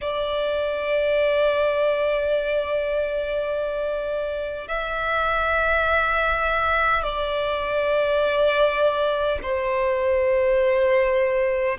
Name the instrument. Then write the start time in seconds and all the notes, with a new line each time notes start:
violin
0.01 D5
4.67 E5
7.03 D5
9.42 C5